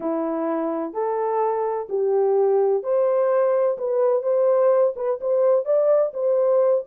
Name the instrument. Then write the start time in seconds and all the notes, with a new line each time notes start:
horn
0.00 E4
0.93 A4
1.89 G4
2.83 C5
3.78 B4
4.23 C5
4.95 B4
5.20 C5
5.65 D5
6.13 C5